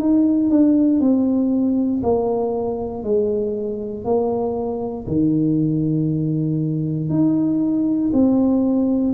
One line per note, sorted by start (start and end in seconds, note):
0.00 0.51 D#4
0.51 1.01 D4
1.01 2.02 C4
2.03 3.04 A#3
3.04 4.05 G#3
4.05 5.07 A#3
5.08 7.10 D#3
7.10 8.11 D#4
8.14 9.14 C4